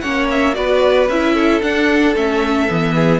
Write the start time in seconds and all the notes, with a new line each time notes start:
0.00 A#3 C#4 C#5 F#5
0.30 E5
0.54 B3 F#4 B4 D5
1.08 C#4 E4 E5
1.34 A4
1.61 D4 F#5
2.14 A3 C#4 E5
2.69 E3 B3
2.95 G#4